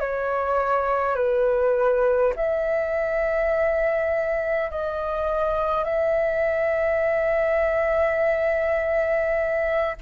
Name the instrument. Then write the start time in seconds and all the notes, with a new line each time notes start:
flute
0.00 C#5
1.16 B4
2.36 E5
4.71 D#5
5.84 E5